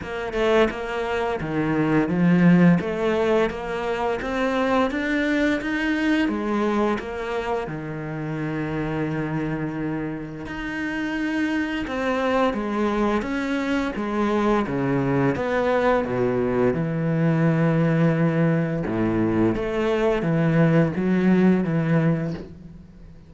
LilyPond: \new Staff \with { instrumentName = "cello" } { \time 4/4 \tempo 4 = 86 ais8 a8 ais4 dis4 f4 | a4 ais4 c'4 d'4 | dis'4 gis4 ais4 dis4~ | dis2. dis'4~ |
dis'4 c'4 gis4 cis'4 | gis4 cis4 b4 b,4 | e2. a,4 | a4 e4 fis4 e4 | }